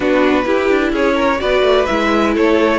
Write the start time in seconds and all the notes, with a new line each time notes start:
0.00 B3 D4 F#4 B4
0.44 E4 G4
0.70 D4
0.92 C#4 G#4 C#5
1.15 A#4
1.38 B3 F#4 B4 D5
1.62 A3
1.85 G#3 E4 E5
2.34 A3 A4 C#5